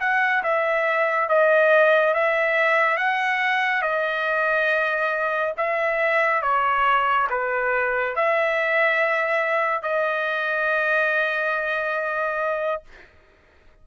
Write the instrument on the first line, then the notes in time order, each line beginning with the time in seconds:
trumpet
0.00 F#5
0.43 E5
1.29 D#5
2.14 E5
2.97 F#5
3.82 D#5
5.57 E5
6.42 C#5
7.30 B4
8.16 E5
9.83 D#5